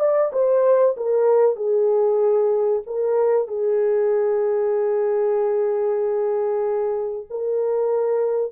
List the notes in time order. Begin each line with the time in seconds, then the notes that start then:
0.00 D5
0.33 C5
0.97 A#4
1.56 G#4
2.87 A#4
3.48 G#4
7.30 A#4